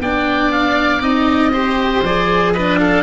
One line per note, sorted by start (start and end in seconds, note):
0.00 1.01 B3
0.00 1.02 D4
0.00 1.53 D5
0.00 0.52 G5
0.52 1.03 F5
1.01 2.03 C4
1.01 1.53 D#4
1.01 2.05 D#5
1.53 2.04 G4
1.53 2.54 C5
2.03 3.04 F3
2.03 2.57 G#4
2.03 2.53 D5
2.53 3.04 D4
2.53 2.80 B4
2.53 2.79 D#5
2.79 3.04 A4
2.79 3.04 F5